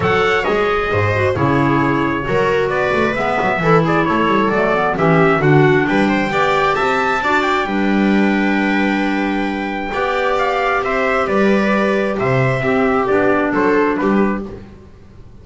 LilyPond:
<<
  \new Staff \with { instrumentName = "trumpet" } { \time 4/4 \tempo 4 = 133 fis''4 dis''2 cis''4~ | cis''2 d''4 e''4~ | e''8 d''8 cis''4 d''4 e''4 | fis''4 g''2 a''4~ |
a''8 g''2.~ g''8~ | g''2. f''4 | e''4 d''2 e''4~ | e''4 d''4 c''4 b'4 | }
  \new Staff \with { instrumentName = "viola" } { \time 4/4 cis''2 c''4 gis'4~ | gis'4 ais'4 b'2 | a'8 gis'8 a'2 g'4 | fis'4 b'8 c''8 d''4 e''4 |
d''4 b'2.~ | b'2 d''2 | c''4 b'2 c''4 | g'2 a'4 g'4 | }
  \new Staff \with { instrumentName = "clarinet" } { \time 4/4 a'4 gis'4. fis'8 e'4~ | e'4 fis'2 b4 | e'2 a8 b8 cis'4 | d'2 g'2 |
fis'4 d'2.~ | d'2 g'2~ | g'1 | c'4 d'2. | }
  \new Staff \with { instrumentName = "double bass" } { \time 4/4 fis4 gis4 gis,4 cis4~ | cis4 fis4 b8 a8 gis8 fis8 | e4 a8 g8 fis4 e4 | d4 g4 b4 c'4 |
d'4 g2.~ | g2 b2 | c'4 g2 c4 | c'4 b4 fis4 g4 | }
>>